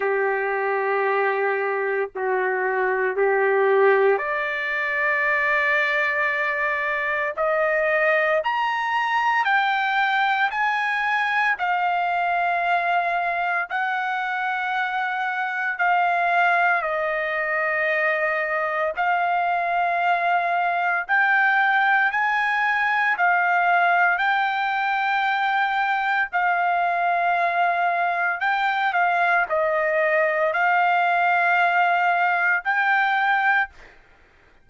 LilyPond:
\new Staff \with { instrumentName = "trumpet" } { \time 4/4 \tempo 4 = 57 g'2 fis'4 g'4 | d''2. dis''4 | ais''4 g''4 gis''4 f''4~ | f''4 fis''2 f''4 |
dis''2 f''2 | g''4 gis''4 f''4 g''4~ | g''4 f''2 g''8 f''8 | dis''4 f''2 g''4 | }